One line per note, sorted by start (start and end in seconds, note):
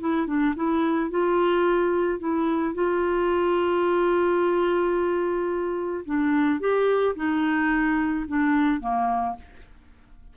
0.00 0.27 E4
0.27 0.54 D4
0.56 1.11 E4
1.11 2.19 F4
2.19 2.74 E4
2.74 6.05 F4
6.05 6.60 D4
6.60 7.15 G4
7.16 8.26 D#4
8.28 8.81 D4
8.81 9.36 A#3